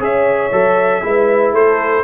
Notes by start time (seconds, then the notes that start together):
0.00 C#4 G#4 C#5 E5
0.52 F#3 A4
1.03 G#3 E4 B4
1.53 A3 A4 C5